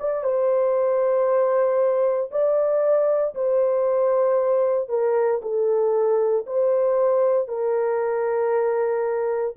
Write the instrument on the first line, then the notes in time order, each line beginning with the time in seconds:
horn
0.00 D5
0.24 C5
2.32 D5
3.35 C5
4.89 A#4
5.43 A4
6.47 C5
7.49 A#4